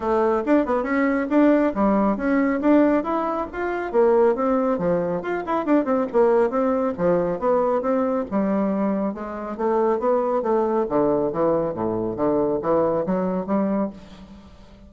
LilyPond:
\new Staff \with { instrumentName = "bassoon" } { \time 4/4 \tempo 4 = 138 a4 d'8 b8 cis'4 d'4 | g4 cis'4 d'4 e'4 | f'4 ais4 c'4 f4 | f'8 e'8 d'8 c'8 ais4 c'4 |
f4 b4 c'4 g4~ | g4 gis4 a4 b4 | a4 d4 e4 a,4 | d4 e4 fis4 g4 | }